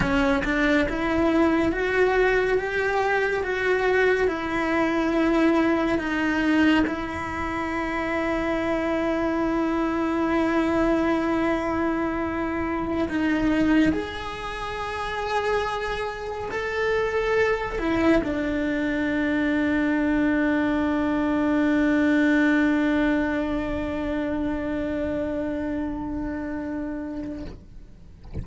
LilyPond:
\new Staff \with { instrumentName = "cello" } { \time 4/4 \tempo 4 = 70 cis'8 d'8 e'4 fis'4 g'4 | fis'4 e'2 dis'4 | e'1~ | e'2.~ e'16 dis'8.~ |
dis'16 gis'2. a'8.~ | a'8. e'8 d'2~ d'8.~ | d'1~ | d'1 | }